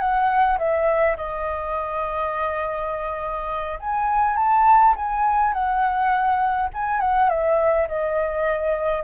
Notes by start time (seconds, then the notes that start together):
0.00 F#5
0.59 E5
1.17 D#5
3.79 G#5
4.36 A5
4.96 G#5
5.53 F#5
6.74 G#5
7.01 F#5
7.29 E5
7.88 D#5